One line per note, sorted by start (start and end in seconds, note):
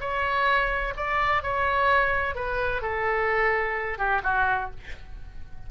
0.00 0.94 C#5
0.97 1.43 D5
1.43 2.35 C#5
2.35 2.82 B4
2.82 3.98 A4
3.98 4.21 G4
4.24 4.70 F#4